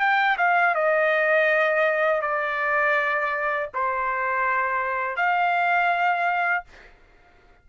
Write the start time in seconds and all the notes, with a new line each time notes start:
0.00 G5
0.37 F5
0.75 D#5
2.22 D5
3.74 C5
5.16 F5